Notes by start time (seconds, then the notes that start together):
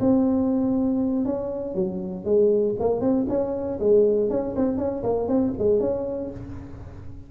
0.00 C4
1.25 C#4
1.75 F#3
2.25 G#3
2.80 A#3
3.01 C4
3.29 C#4
3.80 G#3
4.30 C#4
4.56 C4
4.78 C#4
5.04 A#3
5.28 C4
5.59 G#3
5.80 C#4